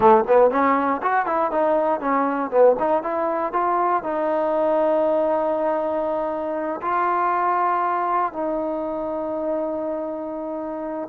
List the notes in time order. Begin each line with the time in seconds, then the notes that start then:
0.00 A3
0.27 B3
0.50 C#4
1.02 F#4
1.25 E4
1.51 D#4
2.00 C#4
2.50 B3
2.79 D#4
3.02 E4
3.52 F4
4.03 D#4
6.81 F4
8.33 D#4